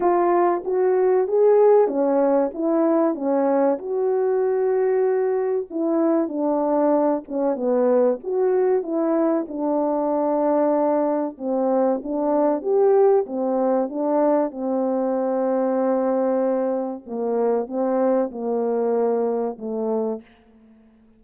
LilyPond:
\new Staff \with { instrumentName = "horn" } { \time 4/4 \tempo 4 = 95 f'4 fis'4 gis'4 cis'4 | e'4 cis'4 fis'2~ | fis'4 e'4 d'4. cis'8 | b4 fis'4 e'4 d'4~ |
d'2 c'4 d'4 | g'4 c'4 d'4 c'4~ | c'2. ais4 | c'4 ais2 a4 | }